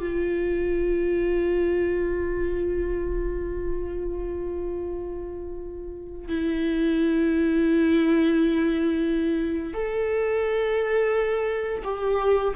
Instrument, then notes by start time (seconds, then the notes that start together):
viola
0.00 F4
6.28 E4
9.74 A4
11.84 G4